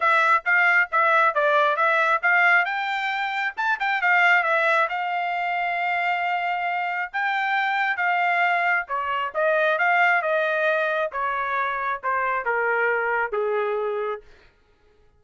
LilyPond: \new Staff \with { instrumentName = "trumpet" } { \time 4/4 \tempo 4 = 135 e''4 f''4 e''4 d''4 | e''4 f''4 g''2 | a''8 g''8 f''4 e''4 f''4~ | f''1 |
g''2 f''2 | cis''4 dis''4 f''4 dis''4~ | dis''4 cis''2 c''4 | ais'2 gis'2 | }